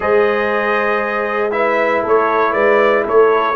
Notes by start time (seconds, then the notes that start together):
0.00 G#3 G#4 C5 D#5
1.51 E4 B4 E5
2.03 A3 A4 C#5
2.52 G#3 B4 D5
3.04 A3 A4 C#5